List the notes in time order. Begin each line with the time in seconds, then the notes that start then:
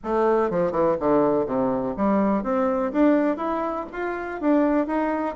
0.03 A3
0.50 F3
0.71 E3
0.99 D3
1.46 C3
1.96 G3
2.43 C4
2.92 D4
3.37 E4
3.92 F4
4.40 D4
4.86 D#4